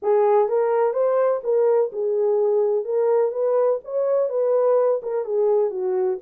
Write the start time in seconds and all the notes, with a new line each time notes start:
0.02 G#4
0.48 A#4
0.93 C5
1.43 A#4
1.92 G#4
2.84 A#4
3.31 B4
3.84 C#5
4.29 B4
5.02 A#4
5.24 G#4
5.70 F#4